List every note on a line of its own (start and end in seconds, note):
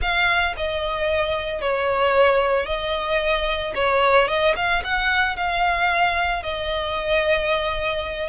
0.01 0.55 F5
0.56 1.61 D#5
1.61 2.66 C#5
2.66 3.73 D#5
3.75 4.27 C#5
4.27 4.54 D#5
4.56 4.82 F5
4.84 5.36 F#5
5.36 6.42 F5
6.42 8.29 D#5